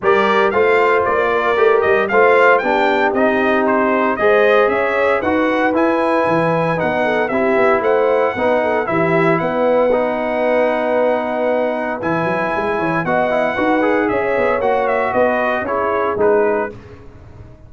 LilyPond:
<<
  \new Staff \with { instrumentName = "trumpet" } { \time 4/4 \tempo 4 = 115 d''4 f''4 d''4. dis''8 | f''4 g''4 dis''4 c''4 | dis''4 e''4 fis''4 gis''4~ | gis''4 fis''4 e''4 fis''4~ |
fis''4 e''4 fis''2~ | fis''2. gis''4~ | gis''4 fis''2 e''4 | fis''8 e''8 dis''4 cis''4 b'4 | }
  \new Staff \with { instrumentName = "horn" } { \time 4/4 ais'4 c''4. ais'4. | c''4 g'2. | c''4 cis''4 b'2~ | b'4. a'8 g'4 c''4 |
b'8 a'8 g'4 b'2~ | b'1~ | b'8 cis''8 dis''4 b'4 cis''4~ | cis''4 b'4 gis'2 | }
  \new Staff \with { instrumentName = "trombone" } { \time 4/4 g'4 f'2 g'4 | f'4 d'4 dis'2 | gis'2 fis'4 e'4~ | e'4 dis'4 e'2 |
dis'4 e'2 dis'4~ | dis'2. e'4~ | e'4 fis'8 e'8 fis'8 gis'4. | fis'2 e'4 dis'4 | }
  \new Staff \with { instrumentName = "tuba" } { \time 4/4 g4 a4 ais4 a8 g8 | a4 b4 c'2 | gis4 cis'4 dis'4 e'4 | e4 b4 c'8 b8 a4 |
b4 e4 b2~ | b2. e8 fis8 | gis8 e8 b4 dis'4 cis'8 b8 | ais4 b4 cis'4 gis4 | }
>>